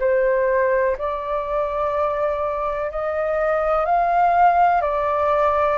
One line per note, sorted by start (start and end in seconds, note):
0.00 0.97 C5
0.98 2.91 D5
2.91 3.85 D#5
3.85 4.82 F5
4.82 5.78 D5